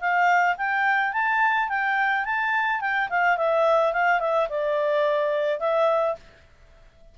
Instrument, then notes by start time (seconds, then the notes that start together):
clarinet
0.00 F5
0.57 G5
1.13 A5
1.69 G5
2.25 A5
2.81 G5
3.09 F5
3.37 E5
3.93 F5
4.20 E5
4.49 D5
5.60 E5